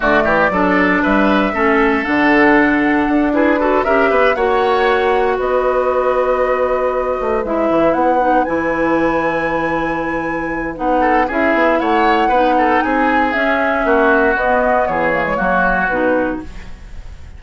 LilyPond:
<<
  \new Staff \with { instrumentName = "flute" } { \time 4/4 \tempo 4 = 117 d''2 e''2 | fis''2~ fis''8 b'4 e''8~ | e''8 fis''2 dis''4.~ | dis''2~ dis''8 e''4 fis''8~ |
fis''8 gis''2.~ gis''8~ | gis''4 fis''4 e''4 fis''4~ | fis''4 gis''4 e''2 | dis''4 cis''2 b'4 | }
  \new Staff \with { instrumentName = "oboe" } { \time 4/4 fis'8 g'8 a'4 b'4 a'4~ | a'2~ a'8 gis'8 a'8 ais'8 | b'8 cis''2 b'4.~ | b'1~ |
b'1~ | b'4. a'8 gis'4 cis''4 | b'8 a'8 gis'2 fis'4~ | fis'4 gis'4 fis'2 | }
  \new Staff \with { instrumentName = "clarinet" } { \time 4/4 a4 d'2 cis'4 | d'2~ d'8 e'8 fis'8 g'8~ | g'8 fis'2.~ fis'8~ | fis'2~ fis'8 e'4. |
dis'8 e'2.~ e'8~ | e'4 dis'4 e'2 | dis'2 cis'2 | b4. ais16 gis16 ais4 dis'4 | }
  \new Staff \with { instrumentName = "bassoon" } { \time 4/4 d8 e8 fis4 g4 a4 | d2 d'4. cis'8 | b8 ais2 b4.~ | b2 a8 gis8 e8 b8~ |
b8 e2.~ e8~ | e4 b4 cis'8 b8 a4 | b4 c'4 cis'4 ais4 | b4 e4 fis4 b,4 | }
>>